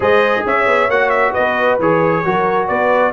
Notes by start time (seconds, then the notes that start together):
0.00 G#3 G#4 C5 D#5
0.46 C#4 C#5 E5
0.67 B3
0.88 A#3 F#4 F#5
1.09 E5
1.32 B3 B4 D#5
1.78 E3 G#4 C#5
2.25 F#3 F#4 A#4
2.67 B3 B4 D5